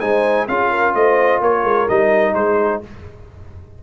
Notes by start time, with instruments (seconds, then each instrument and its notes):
0.00 tuba G#3, trombone D#4, horn C5, trumpet G#5
0.48 tuba C#4, trombone F4, horn G#4, trumpet F5
0.71 horn A#4
0.94 tuba A3, horn C5, trumpet D#5
1.41 tuba A#3, horn A#4, trumpet C#5
1.64 tuba G#3
1.88 tuba G3, trombone D#4, trumpet D#5
2.34 tuba G#3, horn G#4, trumpet C5